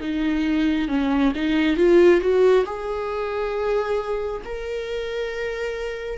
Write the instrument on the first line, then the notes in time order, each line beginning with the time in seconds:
viola
0.00 D#4
0.88 C#4
1.35 D#4
1.76 F4
2.20 F#4
2.65 G#4
4.44 A#4